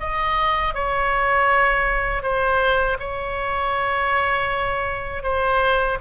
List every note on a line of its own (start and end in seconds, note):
0.00 0.74 D#5
0.74 2.22 C#5
2.22 2.97 C5
2.99 5.23 C#5
5.23 5.98 C5